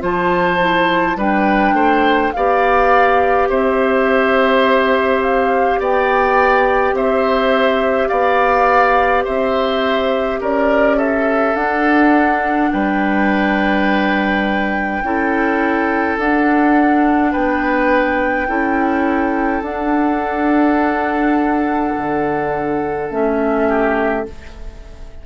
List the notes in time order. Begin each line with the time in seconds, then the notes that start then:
0.00 F3 F4 C5 A5
0.61 E4
1.16 G3 D4 B4 G5
1.73 A3 C5
2.33 B3 G4 D5 F5
3.50 C4 C5 E5
5.23 F5
5.80 B3 D5 G5
6.93 C4 C5 E5
8.08 B3 D5 F5
9.25 C4 C5 E5
10.41 C#4 A#4 D5
10.97 A4 E5
11.55 D4 F#5
12.72 G3 B4 G5
15.03 C#4 E4 A4
16.18 D4 F#5
17.32 B3 B4 G5
18.48 C#4 E4 A4
19.62 D4 F#5
21.98 D3
23.11 A3 C#4 E5
23.68 G4